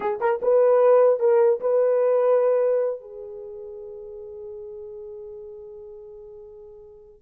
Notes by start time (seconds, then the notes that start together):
0.00 G#4
0.20 A#4
0.41 B4
1.19 A#4
1.60 B4
3.00 G#4